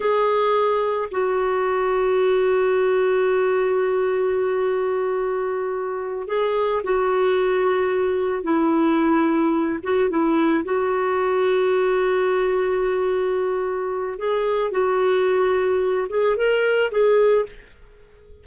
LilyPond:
\new Staff \with { instrumentName = "clarinet" } { \time 4/4 \tempo 4 = 110 gis'2 fis'2~ | fis'1~ | fis'2.~ fis'8 gis'8~ | gis'8 fis'2. e'8~ |
e'2 fis'8 e'4 fis'8~ | fis'1~ | fis'2 gis'4 fis'4~ | fis'4. gis'8 ais'4 gis'4 | }